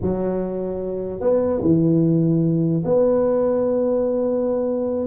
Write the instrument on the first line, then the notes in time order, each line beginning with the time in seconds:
tuba
0.01 F#3
1.20 B3
1.61 E3
2.85 B3